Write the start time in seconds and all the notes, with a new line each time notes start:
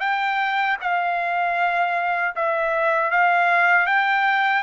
0.00 G5
0.81 F5
2.36 E5
3.11 F5
3.86 G5